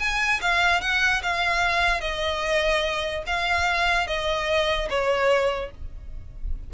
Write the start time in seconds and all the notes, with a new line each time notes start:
0.00 G#5
0.42 F5
0.82 F#5
1.23 F5
2.01 D#5
3.27 F5
4.07 D#5
4.90 C#5